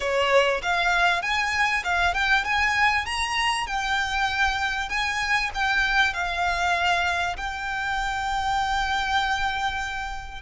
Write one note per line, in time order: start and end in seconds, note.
0.00 0.61 C#5
0.62 1.21 F5
1.21 1.83 G#5
1.84 2.14 F5
2.14 2.44 G5
2.44 3.05 G#5
3.05 3.66 A#5
3.67 4.89 G5
4.89 5.50 G#5
5.54 6.13 G5
6.13 7.36 F5
7.36 10.41 G5